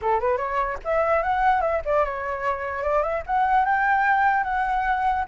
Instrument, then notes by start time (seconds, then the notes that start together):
flute
0.01 A4
0.20 B4
0.37 C#5
0.84 E5
1.22 F#5
1.61 E5
1.85 D5
2.05 C#5
2.82 D5
3.02 E5
3.26 F#5
3.65 G5
4.43 F#5